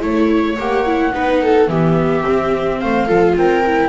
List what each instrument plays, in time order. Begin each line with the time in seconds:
0.00 double bass A3, viola E4 C#5, flute C#5
0.59 double bass A#3, viola G4, flute F#5
0.86 viola E4
1.12 double bass B3, viola D#4 B4
1.42 viola A4
1.68 double bass E3, viola B3 G4, flute E5
2.24 viola C4, double bass C4
2.80 double bass A3, viola C5, flute F5
3.06 double bass F3, viola F4 A4
3.36 double bass C4, viola A#4, flute G5
3.67 viola E4